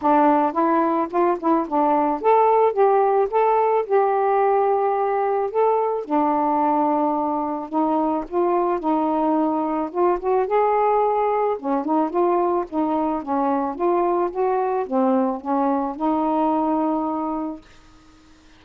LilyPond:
\new Staff \with { instrumentName = "saxophone" } { \time 4/4 \tempo 4 = 109 d'4 e'4 f'8 e'8 d'4 | a'4 g'4 a'4 g'4~ | g'2 a'4 d'4~ | d'2 dis'4 f'4 |
dis'2 f'8 fis'8 gis'4~ | gis'4 cis'8 dis'8 f'4 dis'4 | cis'4 f'4 fis'4 c'4 | cis'4 dis'2. | }